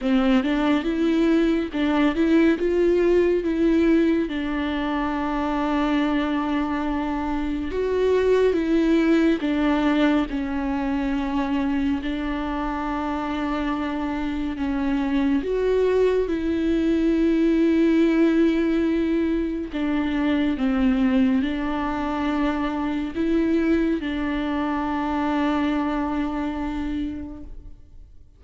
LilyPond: \new Staff \with { instrumentName = "viola" } { \time 4/4 \tempo 4 = 70 c'8 d'8 e'4 d'8 e'8 f'4 | e'4 d'2.~ | d'4 fis'4 e'4 d'4 | cis'2 d'2~ |
d'4 cis'4 fis'4 e'4~ | e'2. d'4 | c'4 d'2 e'4 | d'1 | }